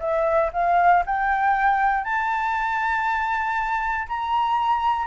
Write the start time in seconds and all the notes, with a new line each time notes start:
0.00 E5
0.53 F5
1.06 G5
2.04 A5
4.08 A#5